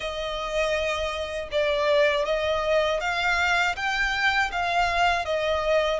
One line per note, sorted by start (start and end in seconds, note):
0.00 1.48 D#5
1.51 2.25 D5
2.25 3.00 D#5
3.00 3.75 F5
3.75 4.50 G5
4.51 5.25 F5
5.25 5.99 D#5